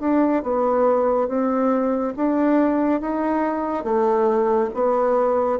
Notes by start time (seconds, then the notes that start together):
0.00 D4
0.43 B3
1.28 C4
2.16 D4
3.01 D#4
3.84 A3
4.74 B3